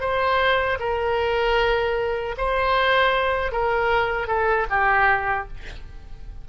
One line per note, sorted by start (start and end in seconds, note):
0.00 0.78 C5
0.79 2.35 A#4
2.37 3.52 C5
3.52 4.28 A#4
4.28 4.66 A4
4.70 5.48 G4